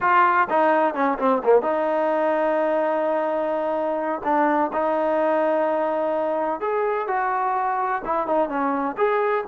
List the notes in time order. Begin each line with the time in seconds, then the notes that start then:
0.00 F4
0.49 D#4
0.94 C#4
1.19 C4
1.44 A#3
1.61 D#4
4.23 D4
4.72 D#4
6.60 G#4
7.07 F#4
8.04 E4
8.27 D#4
8.48 C#4
8.97 G#4